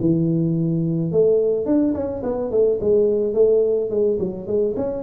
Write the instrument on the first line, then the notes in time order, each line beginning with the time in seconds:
tuba
0.00 E3
1.11 A3
1.65 D4
1.94 C#4
2.23 B3
2.51 A3
2.80 G#3
3.34 A3
3.90 G#3
4.19 F#3
4.47 G#3
4.76 C#4